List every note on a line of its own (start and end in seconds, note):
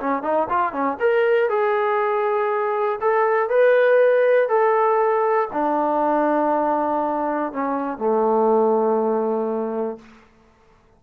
0.00 0.23 C#4
0.23 0.48 D#4
0.50 0.72 F4
0.72 0.97 C#4
1.00 1.50 A#4
1.50 3.00 G#4
3.01 3.50 A4
3.50 4.49 B4
4.49 5.49 A4
5.53 7.53 D4
7.53 7.98 C#4
7.98 9.98 A3